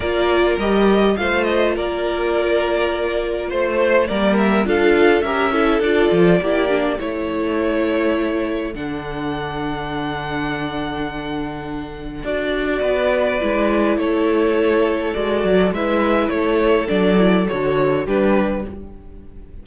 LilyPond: <<
  \new Staff \with { instrumentName = "violin" } { \time 4/4 \tempo 4 = 103 d''4 dis''4 f''8 dis''8 d''4~ | d''2 c''4 d''8 e''8 | f''4 e''4 d''2 | cis''2. fis''4~ |
fis''1~ | fis''4 d''2. | cis''2 d''4 e''4 | cis''4 d''4 cis''4 b'4 | }
  \new Staff \with { instrumentName = "violin" } { \time 4/4 ais'2 c''4 ais'4~ | ais'2 c''4 ais'4 | a'4 ais'8 a'4. g'4 | a'1~ |
a'1~ | a'2 b'2 | a'2. b'4 | a'2. g'4 | }
  \new Staff \with { instrumentName = "viola" } { \time 4/4 f'4 g'4 f'2~ | f'2. ais4 | f'4 g'8 e'8 f'4 e'8 d'8 | e'2. d'4~ |
d'1~ | d'4 fis'2 e'4~ | e'2 fis'4 e'4~ | e'4 d'8 e'8 fis'4 d'4 | }
  \new Staff \with { instrumentName = "cello" } { \time 4/4 ais4 g4 a4 ais4~ | ais2 a4 g4 | d'4 cis'4 d'8 f8 ais4 | a2. d4~ |
d1~ | d4 d'4 b4 gis4 | a2 gis8 fis8 gis4 | a4 fis4 d4 g4 | }
>>